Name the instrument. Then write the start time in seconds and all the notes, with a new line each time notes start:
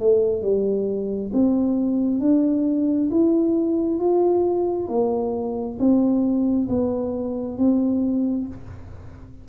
tuba
0.00 A3
0.42 G3
1.34 C4
2.20 D4
3.11 E4
4.00 F4
4.89 A#3
5.79 C4
6.69 B3
7.58 C4